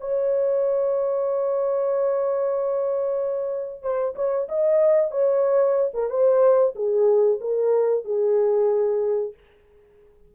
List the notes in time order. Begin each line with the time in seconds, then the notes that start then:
0.00 C#5
3.82 C5
4.15 C#5
4.48 D#5
5.11 C#5
5.94 A#4
6.10 C5
6.75 G#4
7.40 A#4
8.04 G#4